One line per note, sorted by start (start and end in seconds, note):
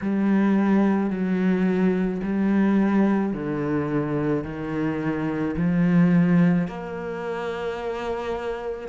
0.01 1.10 G3
1.10 2.21 F#3
2.23 3.33 G3
3.33 4.44 D3
4.44 5.55 D#3
5.57 6.67 F3
6.67 8.88 A#3